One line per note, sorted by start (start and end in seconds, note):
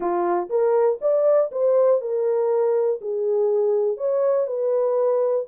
0.00 0.49 F4
0.49 0.99 A#4
1.01 1.50 D5
1.51 2.01 C5
2.01 3.00 A#4
3.01 3.97 G#4
3.97 4.47 C#5
4.47 5.46 B4